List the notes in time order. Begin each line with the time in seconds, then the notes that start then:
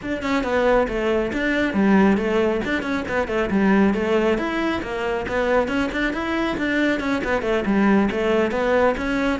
0.02 D4
0.22 C#4
0.43 B3
0.87 A3
1.32 D4
1.73 G3
2.17 A3
2.64 D4
2.82 C#4
3.08 B3
3.27 A3
3.50 G3
3.94 A3
4.37 E4
4.82 A#3
5.28 B3
5.68 C#4
5.91 D4
6.13 E4
6.57 D4
7.00 C#4
7.24 B3
7.42 A3
7.65 G3
8.11 A3
8.51 B3
8.97 C#4